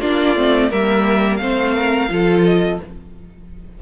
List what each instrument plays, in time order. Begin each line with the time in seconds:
0.00 cello A#3, viola D4, violin F4 D5
0.36 cello A3, viola C4
0.70 cello G3, viola A#3, violin A#4 E5
1.36 cello A3, viola C4, violin C5 F5
1.75 violin A#4
2.09 cello F3, viola F4, violin A4
2.44 violin D#5